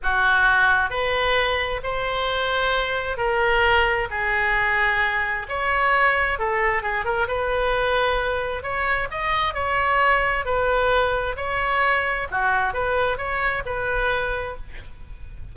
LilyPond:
\new Staff \with { instrumentName = "oboe" } { \time 4/4 \tempo 4 = 132 fis'2 b'2 | c''2. ais'4~ | ais'4 gis'2. | cis''2 a'4 gis'8 ais'8 |
b'2. cis''4 | dis''4 cis''2 b'4~ | b'4 cis''2 fis'4 | b'4 cis''4 b'2 | }